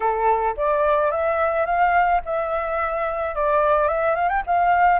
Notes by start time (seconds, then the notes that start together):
0.00 A4
0.56 D5
1.11 E5
1.65 F5
2.25 E5
3.35 D5
3.88 E5
4.15 F5
4.29 G5
4.46 F5